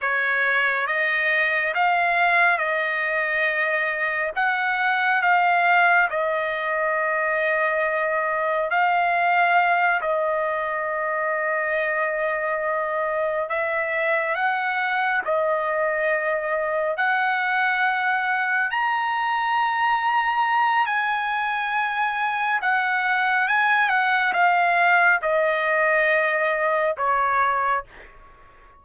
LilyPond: \new Staff \with { instrumentName = "trumpet" } { \time 4/4 \tempo 4 = 69 cis''4 dis''4 f''4 dis''4~ | dis''4 fis''4 f''4 dis''4~ | dis''2 f''4. dis''8~ | dis''2.~ dis''8 e''8~ |
e''8 fis''4 dis''2 fis''8~ | fis''4. ais''2~ ais''8 | gis''2 fis''4 gis''8 fis''8 | f''4 dis''2 cis''4 | }